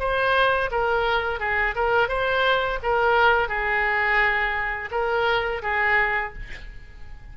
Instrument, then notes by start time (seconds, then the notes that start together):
oboe
0.00 C5
0.72 A#4
1.40 G#4
1.76 A#4
2.09 C5
2.83 A#4
3.49 G#4
4.92 A#4
5.63 G#4